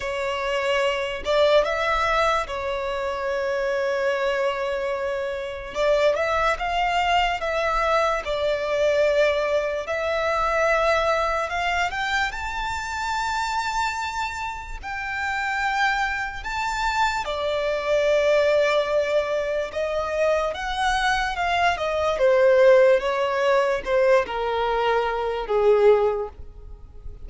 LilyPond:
\new Staff \with { instrumentName = "violin" } { \time 4/4 \tempo 4 = 73 cis''4. d''8 e''4 cis''4~ | cis''2. d''8 e''8 | f''4 e''4 d''2 | e''2 f''8 g''8 a''4~ |
a''2 g''2 | a''4 d''2. | dis''4 fis''4 f''8 dis''8 c''4 | cis''4 c''8 ais'4. gis'4 | }